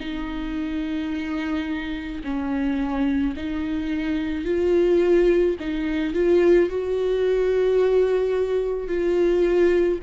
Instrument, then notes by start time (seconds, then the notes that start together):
viola
0.00 D#4
2.24 C#4
3.36 D#4
4.45 F4
5.60 D#4
6.14 F4
6.70 F#4
8.88 F4